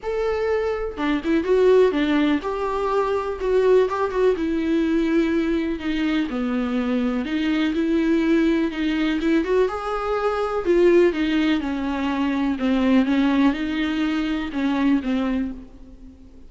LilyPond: \new Staff \with { instrumentName = "viola" } { \time 4/4 \tempo 4 = 124 a'2 d'8 e'8 fis'4 | d'4 g'2 fis'4 | g'8 fis'8 e'2. | dis'4 b2 dis'4 |
e'2 dis'4 e'8 fis'8 | gis'2 f'4 dis'4 | cis'2 c'4 cis'4 | dis'2 cis'4 c'4 | }